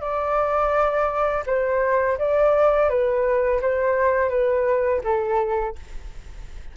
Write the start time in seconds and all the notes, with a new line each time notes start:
0.00 D5
1.46 C5
2.18 D5
2.89 B4
3.61 C5
4.29 B4
5.03 A4